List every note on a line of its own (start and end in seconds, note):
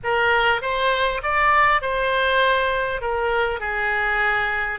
0.03 0.61 A#4
0.61 1.21 C5
1.22 1.81 D5
1.81 3.01 C5
3.01 3.59 A#4
3.59 4.79 G#4